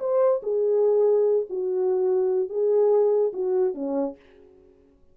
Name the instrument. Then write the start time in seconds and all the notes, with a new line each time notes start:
horn
0.00 C5
0.43 G#4
1.50 F#4
2.50 G#4
3.33 F#4
3.75 C#4